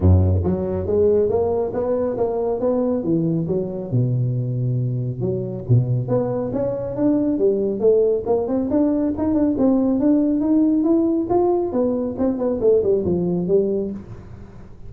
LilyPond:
\new Staff \with { instrumentName = "tuba" } { \time 4/4 \tempo 4 = 138 fis,4 fis4 gis4 ais4 | b4 ais4 b4 e4 | fis4 b,2. | fis4 b,4 b4 cis'4 |
d'4 g4 a4 ais8 c'8 | d'4 dis'8 d'8 c'4 d'4 | dis'4 e'4 f'4 b4 | c'8 b8 a8 g8 f4 g4 | }